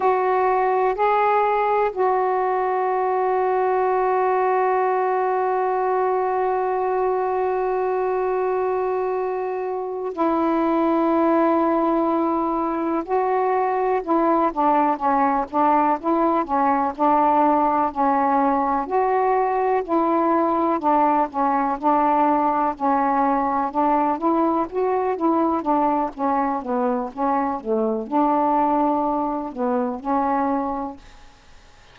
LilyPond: \new Staff \with { instrumentName = "saxophone" } { \time 4/4 \tempo 4 = 62 fis'4 gis'4 fis'2~ | fis'1~ | fis'2~ fis'8 e'4.~ | e'4. fis'4 e'8 d'8 cis'8 |
d'8 e'8 cis'8 d'4 cis'4 fis'8~ | fis'8 e'4 d'8 cis'8 d'4 cis'8~ | cis'8 d'8 e'8 fis'8 e'8 d'8 cis'8 b8 | cis'8 a8 d'4. b8 cis'4 | }